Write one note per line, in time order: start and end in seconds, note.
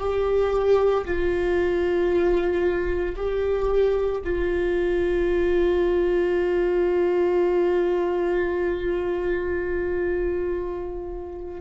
0.00 1.05 G4
1.05 3.16 F4
3.17 4.22 G4
4.24 11.61 F4